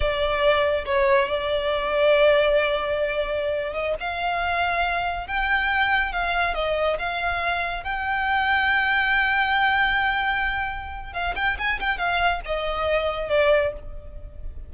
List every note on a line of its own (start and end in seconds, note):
0.00 0.85 D5
0.85 1.28 C#5
1.28 3.73 D5
3.73 3.94 D#5
4.00 5.27 F5
5.27 6.12 G5
6.12 6.54 F5
6.54 6.97 D#5
6.98 7.83 F5
7.83 11.13 G5
11.13 11.34 F5
11.35 11.57 G5
11.58 11.79 G#5
11.80 11.97 G5
11.97 12.40 F5
12.45 13.29 D#5
13.29 13.72 D5